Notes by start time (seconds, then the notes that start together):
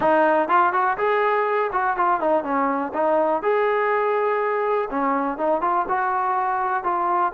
0.00 D#4
0.48 F4
0.73 F#4
0.97 G#4
1.72 F#4
1.96 F4
2.20 D#4
2.43 C#4
2.93 D#4
3.42 G#4
4.90 C#4
5.37 D#4
5.61 F4
5.88 F#4
6.83 F4